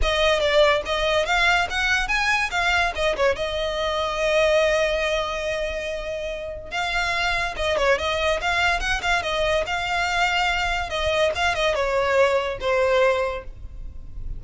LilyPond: \new Staff \with { instrumentName = "violin" } { \time 4/4 \tempo 4 = 143 dis''4 d''4 dis''4 f''4 | fis''4 gis''4 f''4 dis''8 cis''8 | dis''1~ | dis''1 |
f''2 dis''8 cis''8 dis''4 | f''4 fis''8 f''8 dis''4 f''4~ | f''2 dis''4 f''8 dis''8 | cis''2 c''2 | }